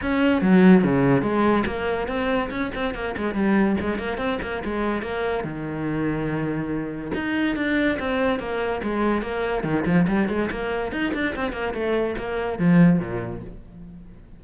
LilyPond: \new Staff \with { instrumentName = "cello" } { \time 4/4 \tempo 4 = 143 cis'4 fis4 cis4 gis4 | ais4 c'4 cis'8 c'8 ais8 gis8 | g4 gis8 ais8 c'8 ais8 gis4 | ais4 dis2.~ |
dis4 dis'4 d'4 c'4 | ais4 gis4 ais4 dis8 f8 | g8 gis8 ais4 dis'8 d'8 c'8 ais8 | a4 ais4 f4 ais,4 | }